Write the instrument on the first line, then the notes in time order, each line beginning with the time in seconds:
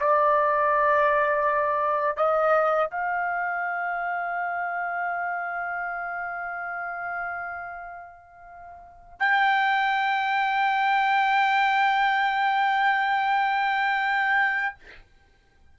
trumpet
0.00 D5
2.17 D#5
2.91 F5
9.20 G5